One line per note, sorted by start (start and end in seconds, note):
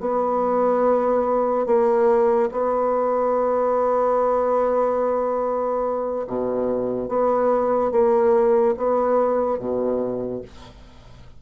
0.00 1.66 B3
1.66 2.50 A#3
2.51 6.26 B3
6.27 7.09 B2
7.09 7.92 B3
7.92 8.75 A#3
8.77 9.59 B3
9.59 10.42 B2